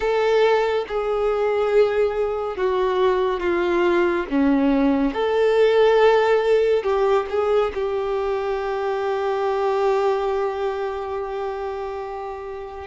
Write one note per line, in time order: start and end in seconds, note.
0.00 0.85 A4
0.88 2.56 G#4
2.56 3.39 F#4
3.39 4.25 F4
4.30 5.13 C#4
5.13 6.83 A4
6.83 7.26 G4
7.29 7.72 G#4
7.74 12.86 G4